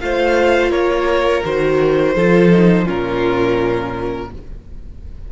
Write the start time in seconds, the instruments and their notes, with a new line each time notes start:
0.00 cello A3, viola F4, violin C5 F5
0.70 cello A#3, violin A#4 C#5
1.44 cello D#3, viola F#4, violin C5
2.15 cello F3, viola F4, violin A4
2.51 viola D#4
2.85 cello A#2, viola C#4, violin F4 A#4